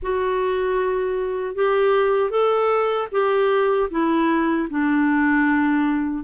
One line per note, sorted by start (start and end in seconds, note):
0.02 1.55 F#4
1.55 2.30 G4
2.30 3.08 A4
3.11 3.89 G4
3.90 4.68 E4
4.70 6.23 D4